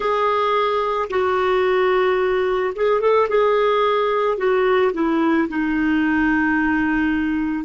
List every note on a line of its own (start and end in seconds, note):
0.00 1.08 G#4
1.10 2.73 F#4
2.75 3.00 G#4
3.00 3.27 A4
3.28 4.37 G#4
4.37 4.91 F#4
4.93 5.47 E4
5.48 7.64 D#4